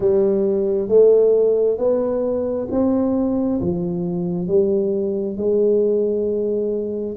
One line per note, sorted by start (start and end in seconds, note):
0.00 0.88 G3
0.88 1.77 A3
1.77 2.67 B3
2.71 3.60 C4
3.60 4.47 F3
4.47 5.37 G3
5.37 7.16 G#3